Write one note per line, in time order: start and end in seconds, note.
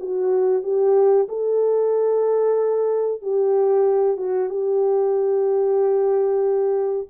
0.00 0.63 F#4
0.63 1.28 G4
1.29 3.22 A4
3.22 4.17 G4
4.17 4.50 F#4
4.50 7.08 G4